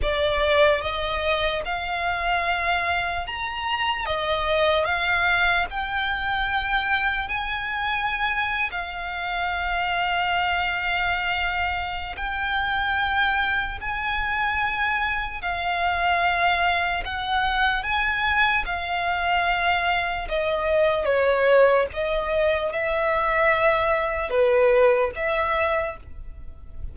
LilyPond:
\new Staff \with { instrumentName = "violin" } { \time 4/4 \tempo 4 = 74 d''4 dis''4 f''2 | ais''4 dis''4 f''4 g''4~ | g''4 gis''4.~ gis''16 f''4~ f''16~ | f''2. g''4~ |
g''4 gis''2 f''4~ | f''4 fis''4 gis''4 f''4~ | f''4 dis''4 cis''4 dis''4 | e''2 b'4 e''4 | }